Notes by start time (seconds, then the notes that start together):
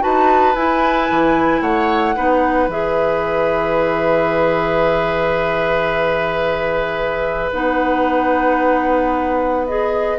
0.00 D#4 F#4 B4 A5
0.55 E4 G#5
1.10 E3
1.61 A3 C#5 F#5
2.16 B3 D#4 B4
2.68 E3 G#4 E5
7.52 B3 D#4 F#5
9.67 G#4 D#5